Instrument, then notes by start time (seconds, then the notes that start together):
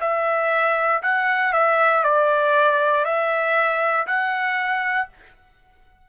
trumpet
0.00 E5
1.02 F#5
1.53 E5
2.03 D5
3.05 E5
4.07 F#5